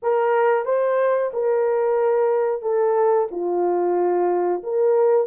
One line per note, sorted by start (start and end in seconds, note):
0.02 0.65 A#4
0.65 1.31 C5
1.33 2.62 A#4
2.62 3.28 A4
3.31 4.62 F4
4.63 5.27 A#4